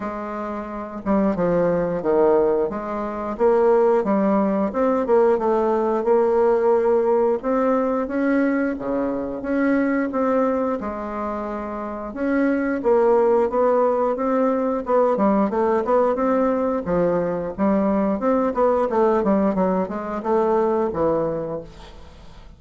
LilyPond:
\new Staff \with { instrumentName = "bassoon" } { \time 4/4 \tempo 4 = 89 gis4. g8 f4 dis4 | gis4 ais4 g4 c'8 ais8 | a4 ais2 c'4 | cis'4 cis4 cis'4 c'4 |
gis2 cis'4 ais4 | b4 c'4 b8 g8 a8 b8 | c'4 f4 g4 c'8 b8 | a8 g8 fis8 gis8 a4 e4 | }